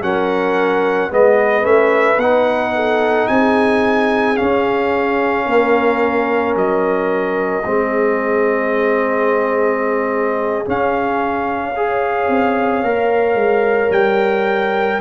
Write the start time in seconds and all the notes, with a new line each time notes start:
0.00 F#3 C#4 A#4 F#5
1.10 G#3 B3 B4 D#5
1.62 A3 C#4 E5
2.17 B3 D#4 F#5
2.75 A4
3.27 C4 G#4 G#5
4.35 C#4 F5
5.46 A#3 A#4
6.55 F#3 D#5
7.65 G#3 C4 G#4
10.65 C#4 F5
11.74 G#4 C#5
12.28 C4
12.82 A#3 A#4
13.34 G#3
13.89 G3 G5